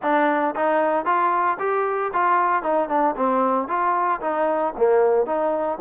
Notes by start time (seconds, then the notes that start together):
0.02 D4
0.55 D#4
1.05 F4
1.59 G4
2.13 F4
2.62 D#4
2.89 D4
3.16 C4
3.67 F4
4.21 D#4
4.77 A#3
5.25 D#4